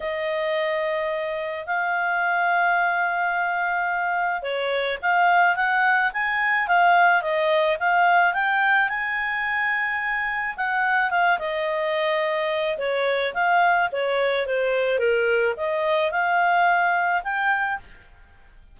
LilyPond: \new Staff \with { instrumentName = "clarinet" } { \time 4/4 \tempo 4 = 108 dis''2. f''4~ | f''1 | cis''4 f''4 fis''4 gis''4 | f''4 dis''4 f''4 g''4 |
gis''2. fis''4 | f''8 dis''2~ dis''8 cis''4 | f''4 cis''4 c''4 ais'4 | dis''4 f''2 g''4 | }